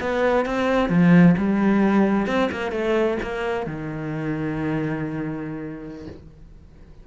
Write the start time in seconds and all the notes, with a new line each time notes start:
0.00 B3
0.45 C4
0.89 F3
1.37 G3
2.26 C4
2.51 A#3
2.71 A3
3.22 A#3
3.66 D#3